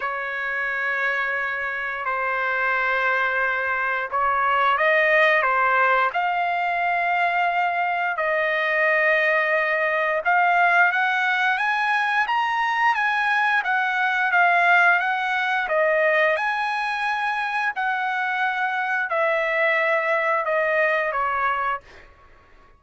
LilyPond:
\new Staff \with { instrumentName = "trumpet" } { \time 4/4 \tempo 4 = 88 cis''2. c''4~ | c''2 cis''4 dis''4 | c''4 f''2. | dis''2. f''4 |
fis''4 gis''4 ais''4 gis''4 | fis''4 f''4 fis''4 dis''4 | gis''2 fis''2 | e''2 dis''4 cis''4 | }